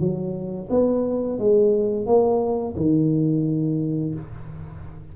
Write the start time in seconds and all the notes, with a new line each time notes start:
0.00 F#3
0.70 B3
1.39 G#3
2.07 A#3
2.77 D#3